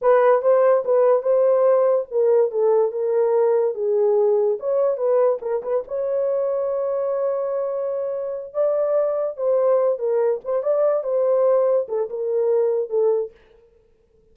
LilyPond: \new Staff \with { instrumentName = "horn" } { \time 4/4 \tempo 4 = 144 b'4 c''4 b'4 c''4~ | c''4 ais'4 a'4 ais'4~ | ais'4 gis'2 cis''4 | b'4 ais'8 b'8 cis''2~ |
cis''1~ | cis''8 d''2 c''4. | ais'4 c''8 d''4 c''4.~ | c''8 a'8 ais'2 a'4 | }